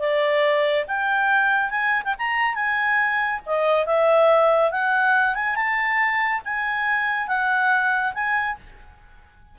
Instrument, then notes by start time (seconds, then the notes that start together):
clarinet
0.00 D5
0.88 G5
1.71 G#5
2.04 G5
2.19 A#5
2.55 G#5
3.46 D#5
3.86 E5
4.72 F#5
5.35 G#5
5.56 A5
6.45 G#5
7.28 F#5
8.14 G#5